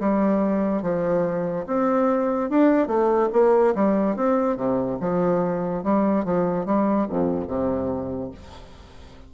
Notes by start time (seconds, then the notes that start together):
0.00 G3
0.82 F3
1.67 C4
2.50 D4
2.87 A3
3.33 A#3
3.75 G3
4.16 C4
4.57 C3
5.00 F3
5.84 G3
6.25 F3
6.66 G3
7.09 F2
7.48 C3